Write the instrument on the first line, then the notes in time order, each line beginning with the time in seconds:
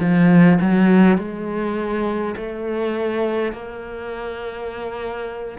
cello
0.00 F3
0.61 F#3
1.18 G#3
2.37 A3
3.52 A#3